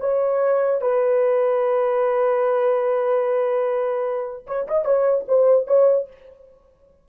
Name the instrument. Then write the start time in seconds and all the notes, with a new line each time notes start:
horn
0.00 C#5
0.81 B4
4.47 C#5
4.67 D#5
4.85 C#5
5.28 C5
5.67 C#5